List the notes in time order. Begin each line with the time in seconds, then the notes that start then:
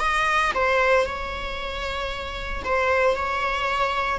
0.00 D#5
0.55 C5
1.06 C#5
2.65 C5
3.17 C#5